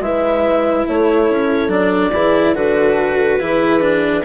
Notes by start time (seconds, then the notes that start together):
0.00 G#3 E4 B4 E5
0.88 A3 A4 C#5
1.30 C#4
1.69 F#3 D4 D5
2.12 E3 E4 G#4
2.53 D3 F#4 A4 B4
3.40 E3 E4 G#4
3.80 D4